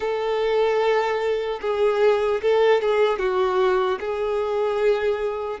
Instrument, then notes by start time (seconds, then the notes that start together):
violin
0.00 A4
1.61 G#4
2.41 A4
2.81 G#4
3.19 F#4
4.00 G#4